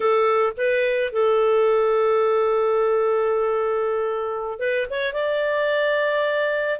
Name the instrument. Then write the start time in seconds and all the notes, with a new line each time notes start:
clarinet
0.00 A4
0.57 B4
1.12 A4
4.59 B4
4.90 C#5
5.13 D5